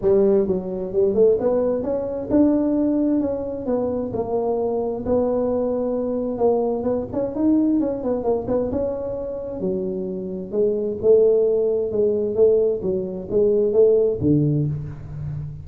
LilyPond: \new Staff \with { instrumentName = "tuba" } { \time 4/4 \tempo 4 = 131 g4 fis4 g8 a8 b4 | cis'4 d'2 cis'4 | b4 ais2 b4~ | b2 ais4 b8 cis'8 |
dis'4 cis'8 b8 ais8 b8 cis'4~ | cis'4 fis2 gis4 | a2 gis4 a4 | fis4 gis4 a4 d4 | }